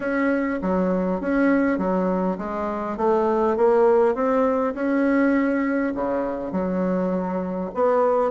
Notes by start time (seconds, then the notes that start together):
0.00 C#4
0.62 F#3
1.20 C#4
1.78 F#3
2.38 G#3
2.97 A3
3.56 A#3
4.14 C4
4.74 C#4
5.94 C#3
6.52 F#3
7.74 B3